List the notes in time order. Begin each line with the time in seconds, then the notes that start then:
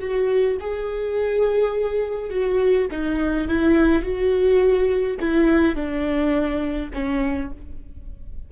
0.00 F#4
0.60 G#4
2.30 F#4
2.91 D#4
3.48 E4
4.02 F#4
5.20 E4
5.75 D4
6.94 C#4